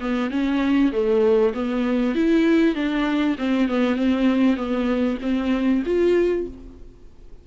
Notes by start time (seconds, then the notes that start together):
0.00 B3
0.31 C#4
0.92 A3
1.54 B3
2.15 E4
2.75 D4
3.38 C4
3.68 B3
3.96 C4
4.57 B3
5.22 C4
5.86 F4